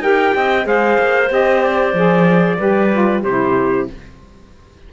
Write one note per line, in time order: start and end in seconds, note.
0.00 0.32 D#4
0.00 0.64 G4
0.00 0.35 A#4
0.00 0.67 G5
0.35 0.66 C4
0.35 0.67 D#5
0.64 0.98 G#3
0.64 1.28 G#4
0.64 2.59 C5
0.64 1.32 F5
0.99 1.30 A#3
1.29 1.93 C4
1.29 1.94 G4
1.29 1.63 D#5
1.63 3.24 D5
1.93 2.58 F3
1.93 2.59 G#4
2.59 3.24 G3
2.59 2.91 G4
2.59 3.23 B4
2.92 3.24 F4
3.23 3.88 C3
3.23 3.93 E4
3.23 3.87 G4
3.23 3.88 C5